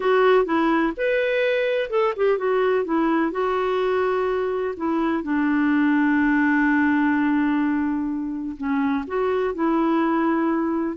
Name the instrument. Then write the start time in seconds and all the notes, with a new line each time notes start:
clarinet
0.00 F#4
0.45 E4
0.96 B4
1.89 A4
2.16 G4
2.37 F#4
2.84 E4
3.31 F#4
4.77 E4
5.23 D4
8.57 C#4
9.07 F#4
9.54 E4